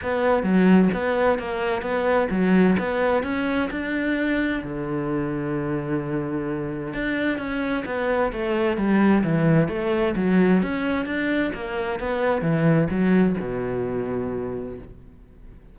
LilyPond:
\new Staff \with { instrumentName = "cello" } { \time 4/4 \tempo 4 = 130 b4 fis4 b4 ais4 | b4 fis4 b4 cis'4 | d'2 d2~ | d2. d'4 |
cis'4 b4 a4 g4 | e4 a4 fis4 cis'4 | d'4 ais4 b4 e4 | fis4 b,2. | }